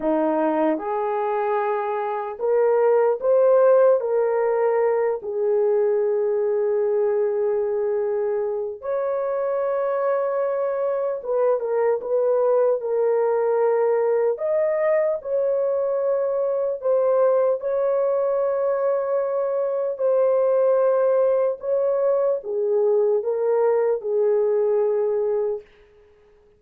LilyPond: \new Staff \with { instrumentName = "horn" } { \time 4/4 \tempo 4 = 75 dis'4 gis'2 ais'4 | c''4 ais'4. gis'4.~ | gis'2. cis''4~ | cis''2 b'8 ais'8 b'4 |
ais'2 dis''4 cis''4~ | cis''4 c''4 cis''2~ | cis''4 c''2 cis''4 | gis'4 ais'4 gis'2 | }